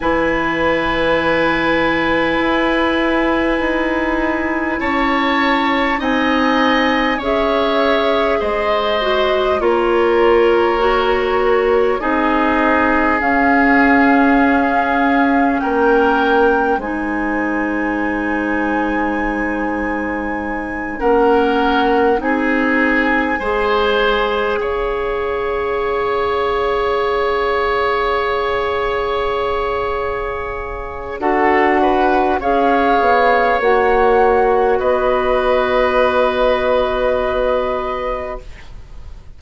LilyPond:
<<
  \new Staff \with { instrumentName = "flute" } { \time 4/4 \tempo 4 = 50 gis''1 | a''4 gis''4 e''4 dis''4 | cis''2 dis''4 f''4~ | f''4 g''4 gis''2~ |
gis''4. fis''4 gis''4.~ | gis''8 f''2.~ f''8~ | f''2 fis''4 f''4 | fis''4 dis''2. | }
  \new Staff \with { instrumentName = "oboe" } { \time 4/4 b'1 | cis''4 dis''4 cis''4 c''4 | ais'2 gis'2~ | gis'4 ais'4 c''2~ |
c''4. ais'4 gis'4 c''8~ | c''8 cis''2.~ cis''8~ | cis''2 a'8 b'8 cis''4~ | cis''4 b'2. | }
  \new Staff \with { instrumentName = "clarinet" } { \time 4/4 e'1~ | e'4 dis'4 gis'4. fis'8 | f'4 fis'4 dis'4 cis'4~ | cis'2 dis'2~ |
dis'4. cis'4 dis'4 gis'8~ | gis'1~ | gis'2 fis'4 gis'4 | fis'1 | }
  \new Staff \with { instrumentName = "bassoon" } { \time 4/4 e2 e'4 dis'4 | cis'4 c'4 cis'4 gis4 | ais2 c'4 cis'4~ | cis'4 ais4 gis2~ |
gis4. ais4 c'4 gis8~ | gis8 cis'2.~ cis'8~ | cis'2 d'4 cis'8 b8 | ais4 b2. | }
>>